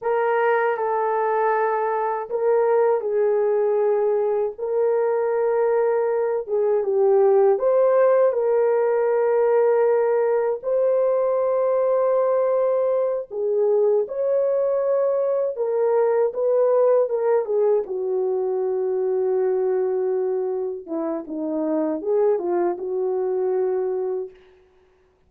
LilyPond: \new Staff \with { instrumentName = "horn" } { \time 4/4 \tempo 4 = 79 ais'4 a'2 ais'4 | gis'2 ais'2~ | ais'8 gis'8 g'4 c''4 ais'4~ | ais'2 c''2~ |
c''4. gis'4 cis''4.~ | cis''8 ais'4 b'4 ais'8 gis'8 fis'8~ | fis'2.~ fis'8 e'8 | dis'4 gis'8 f'8 fis'2 | }